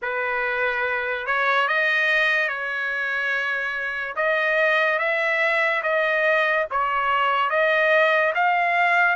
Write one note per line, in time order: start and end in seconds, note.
0.02 1.26 B4
1.26 1.67 C#5
1.67 2.48 D#5
2.48 4.14 C#5
4.16 4.98 D#5
4.98 5.82 E5
5.83 6.66 D#5
6.70 7.50 C#5
7.50 8.33 D#5
8.34 9.16 F5